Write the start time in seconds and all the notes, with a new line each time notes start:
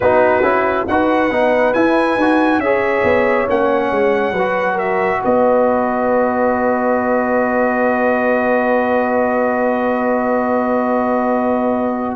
0.00 B3 D#4 F#4 B4
0.42 C#4 E4
0.87 D#4 F#4 B4 F#5
1.30 B3 D#4
1.73 E4 G#5
2.16 D#4 F#4
2.58 C#4 G#4 C#5 E5
3.03 B3
3.47 A#3 C#4 F#5
3.91 G#3
4.32 F#3 F#4 B4
4.74 A#4 E5
5.23 B3 B4 D#5